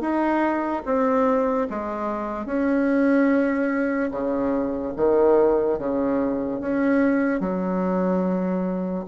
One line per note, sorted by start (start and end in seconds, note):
0.00 0.82 D#4
0.85 1.67 C4
1.69 2.45 G#3
2.45 4.10 C#4
4.11 4.93 C#3
4.96 5.78 D#3
5.78 6.60 C#3
6.60 7.40 C#4
7.40 9.04 F#3